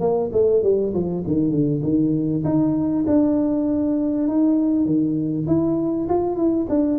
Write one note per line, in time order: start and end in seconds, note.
0.00 0.30 A#3
0.33 0.63 A3
0.63 0.93 G3
0.93 1.24 F3
1.27 1.51 D#3
1.51 1.81 D3
1.83 2.43 D#3
2.44 3.05 D#4
3.07 4.28 D4
4.28 4.86 D#4
4.86 5.46 D#3
5.47 6.08 E4
6.09 6.36 F4
6.36 6.67 E4
6.69 6.99 D4